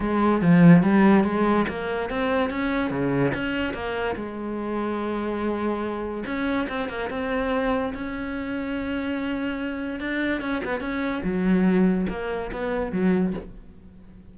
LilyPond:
\new Staff \with { instrumentName = "cello" } { \time 4/4 \tempo 4 = 144 gis4 f4 g4 gis4 | ais4 c'4 cis'4 cis4 | cis'4 ais4 gis2~ | gis2. cis'4 |
c'8 ais8 c'2 cis'4~ | cis'1 | d'4 cis'8 b8 cis'4 fis4~ | fis4 ais4 b4 fis4 | }